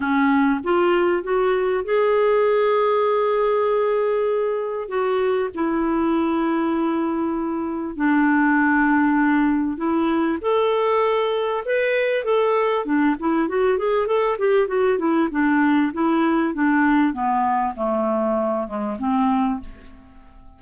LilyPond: \new Staff \with { instrumentName = "clarinet" } { \time 4/4 \tempo 4 = 98 cis'4 f'4 fis'4 gis'4~ | gis'1 | fis'4 e'2.~ | e'4 d'2. |
e'4 a'2 b'4 | a'4 d'8 e'8 fis'8 gis'8 a'8 g'8 | fis'8 e'8 d'4 e'4 d'4 | b4 a4. gis8 c'4 | }